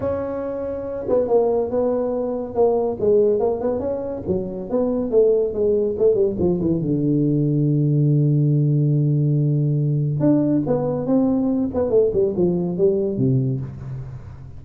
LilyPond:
\new Staff \with { instrumentName = "tuba" } { \time 4/4 \tempo 4 = 141 cis'2~ cis'8 b8 ais4 | b2 ais4 gis4 | ais8 b8 cis'4 fis4 b4 | a4 gis4 a8 g8 f8 e8 |
d1~ | d1 | d'4 b4 c'4. b8 | a8 g8 f4 g4 c4 | }